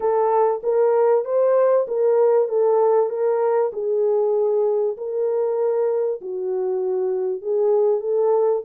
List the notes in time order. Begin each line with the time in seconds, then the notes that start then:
0.00 A4
0.63 A#4
1.24 C5
1.87 A#4
2.48 A4
3.09 A#4
3.73 G#4
4.97 A#4
6.21 F#4
7.41 G#4
8.00 A4